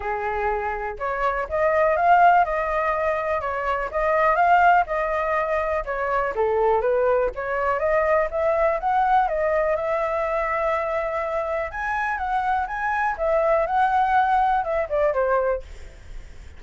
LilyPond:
\new Staff \with { instrumentName = "flute" } { \time 4/4 \tempo 4 = 123 gis'2 cis''4 dis''4 | f''4 dis''2 cis''4 | dis''4 f''4 dis''2 | cis''4 a'4 b'4 cis''4 |
dis''4 e''4 fis''4 dis''4 | e''1 | gis''4 fis''4 gis''4 e''4 | fis''2 e''8 d''8 c''4 | }